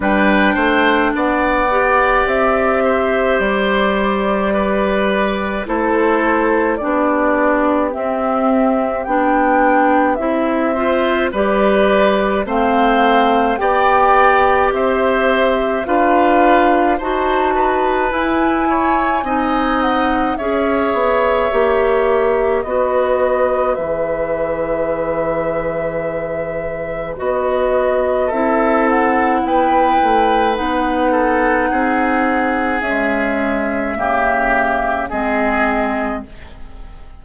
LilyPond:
<<
  \new Staff \with { instrumentName = "flute" } { \time 4/4 \tempo 4 = 53 g''4 fis''4 e''4 d''4~ | d''4 c''4 d''4 e''4 | g''4 e''4 d''4 f''4 | g''4 e''4 f''4 a''4 |
gis''4. fis''8 e''2 | dis''4 e''2. | dis''4 e''8 fis''8 g''4 fis''4~ | fis''4 e''2 dis''4 | }
  \new Staff \with { instrumentName = "oboe" } { \time 4/4 b'8 c''8 d''4. c''4. | b'4 a'4 g'2~ | g'4. c''8 b'4 c''4 | d''4 c''4 b'4 c''8 b'8~ |
b'8 cis''8 dis''4 cis''2 | b'1~ | b'4 a'4 b'4. a'8 | gis'2 g'4 gis'4 | }
  \new Staff \with { instrumentName = "clarinet" } { \time 4/4 d'4. g'2~ g'8~ | g'4 e'4 d'4 c'4 | d'4 e'8 f'8 g'4 c'4 | g'2 f'4 fis'4 |
e'4 dis'4 gis'4 g'4 | fis'4 gis'2. | fis'4 e'2 dis'4~ | dis'4 gis4 ais4 c'4 | }
  \new Staff \with { instrumentName = "bassoon" } { \time 4/4 g8 a8 b4 c'4 g4~ | g4 a4 b4 c'4 | b4 c'4 g4 a4 | b4 c'4 d'4 dis'4 |
e'4 c'4 cis'8 b8 ais4 | b4 e2. | b4 c'4 b8 a8 b4 | c'4 cis'4 cis4 gis4 | }
>>